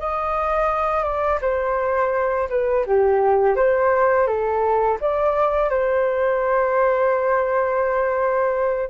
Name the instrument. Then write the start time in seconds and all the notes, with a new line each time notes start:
flute
0.00 D#5
1.04 D5
1.42 C5
2.50 B4
2.87 G4
3.56 C5
4.28 A4
5.01 D5
5.70 C5